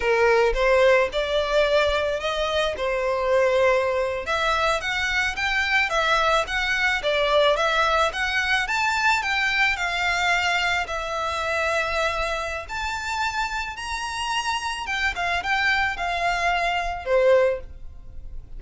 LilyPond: \new Staff \with { instrumentName = "violin" } { \time 4/4 \tempo 4 = 109 ais'4 c''4 d''2 | dis''4 c''2~ c''8. e''16~ | e''8. fis''4 g''4 e''4 fis''16~ | fis''8. d''4 e''4 fis''4 a''16~ |
a''8. g''4 f''2 e''16~ | e''2. a''4~ | a''4 ais''2 g''8 f''8 | g''4 f''2 c''4 | }